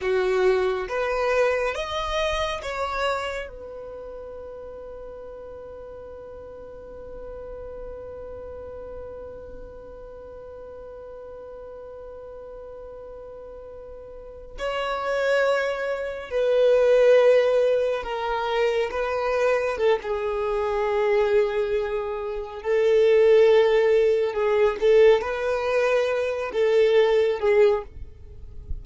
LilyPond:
\new Staff \with { instrumentName = "violin" } { \time 4/4 \tempo 4 = 69 fis'4 b'4 dis''4 cis''4 | b'1~ | b'1~ | b'1~ |
b'8. cis''2 b'4~ b'16~ | b'8. ais'4 b'4 a'16 gis'4~ | gis'2 a'2 | gis'8 a'8 b'4. a'4 gis'8 | }